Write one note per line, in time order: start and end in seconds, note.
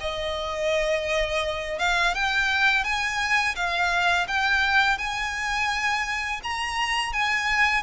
0.00 1.79 D#5
1.79 2.14 F5
2.14 2.84 G5
2.84 3.55 G#5
3.55 4.27 F5
4.27 4.98 G5
4.98 6.41 G#5
6.43 7.13 A#5
7.13 7.82 G#5